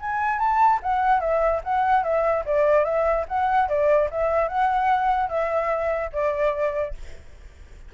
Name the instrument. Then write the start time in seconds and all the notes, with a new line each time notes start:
flute
0.00 G#5
0.39 A5
0.83 F#5
1.20 E5
1.64 F#5
2.03 E5
2.45 D5
2.84 E5
3.28 F#5
3.69 D5
4.10 E5
4.48 F#5
5.29 E5
6.12 D5